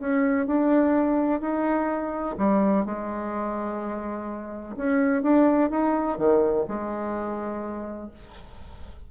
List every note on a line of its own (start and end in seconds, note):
0.00 0.47 C#4
0.47 1.41 D4
1.41 2.36 D#4
2.38 2.86 G3
2.86 4.76 G#3
4.77 5.23 C#4
5.23 5.71 D4
5.71 6.18 D#4
6.18 6.66 D#3
6.68 8.11 G#3